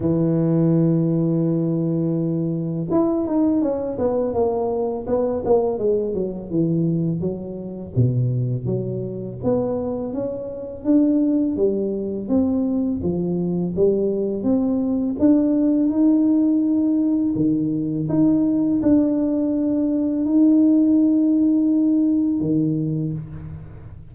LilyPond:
\new Staff \with { instrumentName = "tuba" } { \time 4/4 \tempo 4 = 83 e1 | e'8 dis'8 cis'8 b8 ais4 b8 ais8 | gis8 fis8 e4 fis4 b,4 | fis4 b4 cis'4 d'4 |
g4 c'4 f4 g4 | c'4 d'4 dis'2 | dis4 dis'4 d'2 | dis'2. dis4 | }